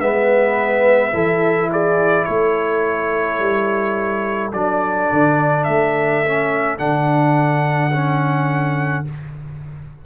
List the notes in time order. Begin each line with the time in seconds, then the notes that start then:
0.00 G#3 B3 B4 E5
1.13 E3 E4 A4
1.72 G#4 D5
2.24 A3 A4 C#5
3.39 G3
4.53 F#3 D4 D5
5.12 D3
5.64 A3 E5
6.26 C#4
6.78 D3 D4 F#5
7.92 C#4